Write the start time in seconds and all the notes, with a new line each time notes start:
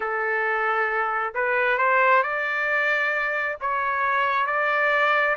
0.00 A4
1.34 B4
1.78 C5
2.23 D5
3.60 C#5
4.46 D5